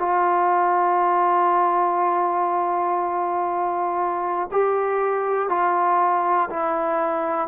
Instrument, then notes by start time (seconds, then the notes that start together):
trombone
0.00 F4
4.52 G4
5.50 F4
6.51 E4